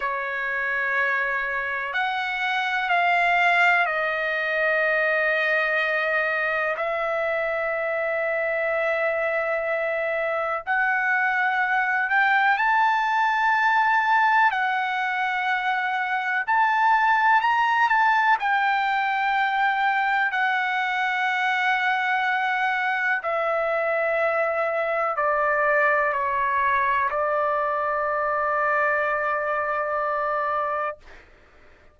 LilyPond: \new Staff \with { instrumentName = "trumpet" } { \time 4/4 \tempo 4 = 62 cis''2 fis''4 f''4 | dis''2. e''4~ | e''2. fis''4~ | fis''8 g''8 a''2 fis''4~ |
fis''4 a''4 ais''8 a''8 g''4~ | g''4 fis''2. | e''2 d''4 cis''4 | d''1 | }